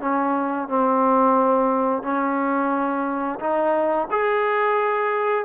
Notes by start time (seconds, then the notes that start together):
0.00 C#4
0.68 C4
2.02 C#4
3.39 D#4
4.11 G#4